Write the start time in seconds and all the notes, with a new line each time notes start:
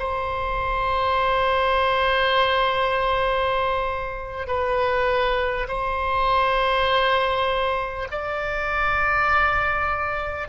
0.00 C5
4.48 B4
5.68 C5
8.12 D5